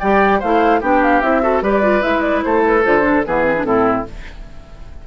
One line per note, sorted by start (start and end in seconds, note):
0.00 0.43 G3
0.00 0.43 G4
0.00 0.40 D5
0.00 0.41 G5
0.40 0.82 A3
0.40 0.82 E4
0.40 0.80 C5
0.40 0.82 F5
0.81 1.22 B3
0.81 1.23 D4
0.81 1.42 G4
0.81 1.03 G5
1.03 1.22 F5
1.22 1.62 C4
1.22 1.43 E4
1.22 1.62 E5
1.43 1.63 F#4
1.43 1.63 A4
1.62 2.03 G3
1.62 1.83 G4
1.62 2.44 B4
1.62 2.03 D5
1.83 2.02 F4
2.02 2.45 G#3
2.02 2.83 E4
2.02 2.21 E5
2.21 2.42 D5
2.43 2.86 A3
2.43 3.26 A4
2.43 2.64 C5
2.66 2.85 B4
2.84 3.26 D3
2.84 3.02 F4
2.84 3.25 C5
3.02 3.22 D4
3.26 3.65 E3
3.26 3.45 B3
3.26 3.67 G#4
3.26 3.65 B4
3.45 3.55 C4
3.57 3.65 D4
3.65 4.06 A2
3.65 4.05 C4
3.65 4.07 E4
3.65 4.06 A4